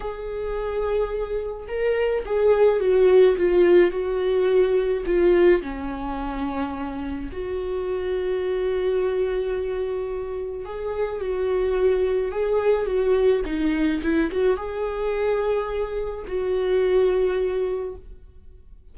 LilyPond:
\new Staff \with { instrumentName = "viola" } { \time 4/4 \tempo 4 = 107 gis'2. ais'4 | gis'4 fis'4 f'4 fis'4~ | fis'4 f'4 cis'2~ | cis'4 fis'2.~ |
fis'2. gis'4 | fis'2 gis'4 fis'4 | dis'4 e'8 fis'8 gis'2~ | gis'4 fis'2. | }